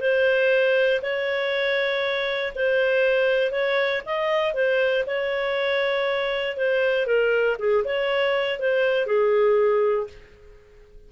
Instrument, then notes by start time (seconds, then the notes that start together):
clarinet
0.00 C5
1.02 C#5
2.55 C5
3.52 C#5
4.05 D#5
4.54 C5
5.06 C#5
6.57 C5
7.06 A#4
7.58 G#4
7.84 C#5
8.59 C5
9.06 G#4